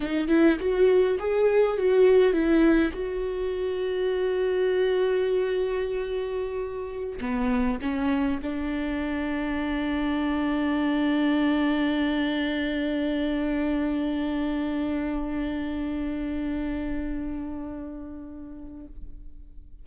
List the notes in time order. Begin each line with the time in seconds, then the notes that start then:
0.00 D#4
0.27 E4
0.59 F#4
1.19 G#4
1.77 F#4
2.32 E4
2.92 F#4
7.20 B3
7.81 C#4
8.42 D4